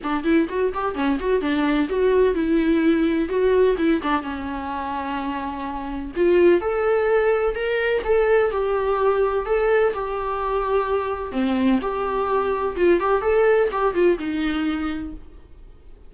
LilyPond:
\new Staff \with { instrumentName = "viola" } { \time 4/4 \tempo 4 = 127 d'8 e'8 fis'8 g'8 cis'8 fis'8 d'4 | fis'4 e'2 fis'4 | e'8 d'8 cis'2.~ | cis'4 f'4 a'2 |
ais'4 a'4 g'2 | a'4 g'2. | c'4 g'2 f'8 g'8 | a'4 g'8 f'8 dis'2 | }